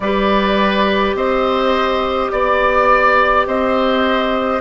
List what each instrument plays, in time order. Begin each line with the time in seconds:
0.00 bassoon G3, clarinet G4, oboe B4, flute D5
1.14 bassoon C4, oboe C5, flute D#5
2.30 bassoon B3, flute D5, oboe D5
3.46 bassoon C4, oboe C5, flute D#5